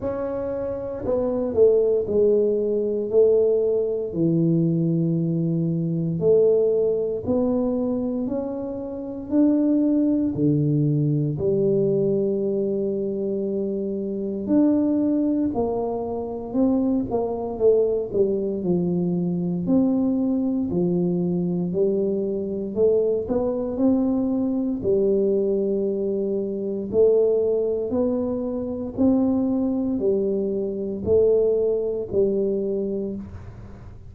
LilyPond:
\new Staff \with { instrumentName = "tuba" } { \time 4/4 \tempo 4 = 58 cis'4 b8 a8 gis4 a4 | e2 a4 b4 | cis'4 d'4 d4 g4~ | g2 d'4 ais4 |
c'8 ais8 a8 g8 f4 c'4 | f4 g4 a8 b8 c'4 | g2 a4 b4 | c'4 g4 a4 g4 | }